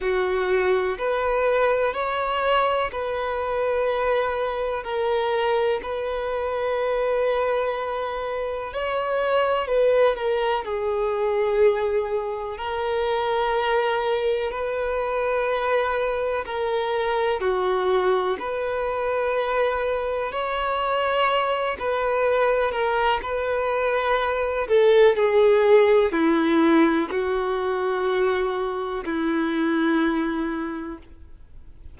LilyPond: \new Staff \with { instrumentName = "violin" } { \time 4/4 \tempo 4 = 62 fis'4 b'4 cis''4 b'4~ | b'4 ais'4 b'2~ | b'4 cis''4 b'8 ais'8 gis'4~ | gis'4 ais'2 b'4~ |
b'4 ais'4 fis'4 b'4~ | b'4 cis''4. b'4 ais'8 | b'4. a'8 gis'4 e'4 | fis'2 e'2 | }